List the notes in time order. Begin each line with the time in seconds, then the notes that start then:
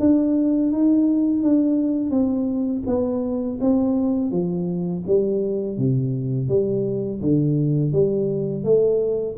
0.00 D4
0.72 D#4
1.43 D4
2.11 C4
2.87 B3
3.61 C4
4.31 F3
5.07 G3
5.78 C3
6.49 G3
7.22 D3
7.93 G3
8.64 A3